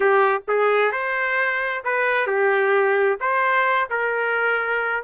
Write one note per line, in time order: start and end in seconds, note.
0.00 0.42 G4
0.47 0.92 G#4
0.92 1.83 C5
1.84 2.26 B4
2.26 3.18 G4
3.20 3.88 C5
3.90 5.03 A#4